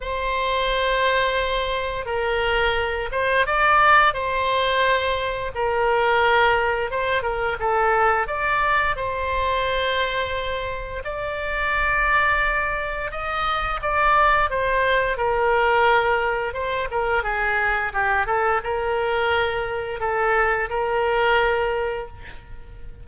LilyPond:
\new Staff \with { instrumentName = "oboe" } { \time 4/4 \tempo 4 = 87 c''2. ais'4~ | ais'8 c''8 d''4 c''2 | ais'2 c''8 ais'8 a'4 | d''4 c''2. |
d''2. dis''4 | d''4 c''4 ais'2 | c''8 ais'8 gis'4 g'8 a'8 ais'4~ | ais'4 a'4 ais'2 | }